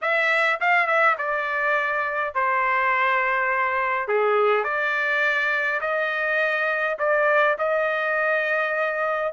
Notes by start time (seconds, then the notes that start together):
0.01 E5
0.60 F5
0.86 E5
1.18 D5
2.34 C5
4.08 G#4
4.63 D5
5.80 D#5
6.98 D5
7.58 D#5